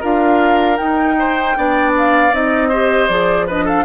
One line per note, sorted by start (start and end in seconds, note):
0.00 0.79 D4
0.00 0.77 F4
0.00 1.15 A#4
0.00 0.77 F5
0.77 1.54 D#4
0.77 1.56 D#4
0.77 1.92 G5
1.19 1.57 C5
1.56 2.32 B3
1.56 2.32 D4
1.56 2.69 D5
1.98 2.34 F5
2.32 3.09 C4
2.32 2.70 D#4
2.32 3.08 D#5
2.69 3.10 G4
2.69 3.46 C5
3.08 3.85 F3
3.08 3.48 G#4
3.08 3.47 D5
3.47 3.85 D4
3.47 3.65 B4
3.47 3.68 D#5
3.65 3.84 A4
3.65 3.85 F5